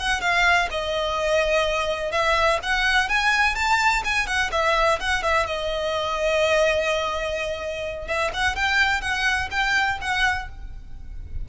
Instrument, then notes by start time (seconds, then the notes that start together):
violin
0.00 F#5
0.21 F5
0.71 D#5
2.12 E5
2.63 F#5
3.09 G#5
3.56 A5
4.05 G#5
4.27 F#5
4.52 E5
5.00 F#5
5.23 E5
5.47 D#5
8.08 E5
8.34 F#5
8.56 G5
9.02 F#5
9.52 G5
10.02 F#5